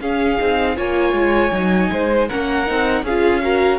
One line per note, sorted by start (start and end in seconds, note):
0.00 0.38 C#4
0.00 0.39 C#4
0.00 0.76 G#4
0.00 0.77 F5
0.40 0.77 C4
0.40 0.75 D#4
0.75 1.13 A#3
0.75 1.51 F4
0.75 1.90 C#5
0.75 2.28 G#5
1.13 1.51 G#3
1.52 1.90 F#3
1.52 2.28 D#4
1.91 2.29 G#3
1.91 2.29 C5
2.28 2.70 A#3
2.28 2.66 C#4
2.28 3.04 A#4
2.28 3.04 F#5
2.66 3.03 C4
2.66 3.04 D#4
3.03 3.78 C#4
3.03 3.42 F4
3.03 3.42 G#4
3.03 3.78 F5
3.42 3.78 F#4
3.42 3.78 A#4